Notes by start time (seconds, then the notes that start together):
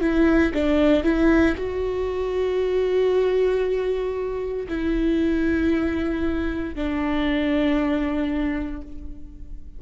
0.00 E4
0.54 D4
1.03 E4
1.57 F#4
4.68 E4
6.75 D4